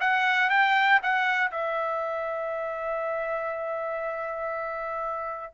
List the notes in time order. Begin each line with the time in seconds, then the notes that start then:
0.00 F#5
0.50 G5
1.03 F#5
1.51 E5